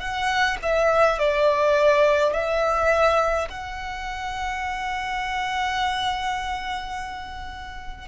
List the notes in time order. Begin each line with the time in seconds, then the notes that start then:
0.00 F#5
0.62 E5
1.19 D5
2.33 E5
3.50 F#5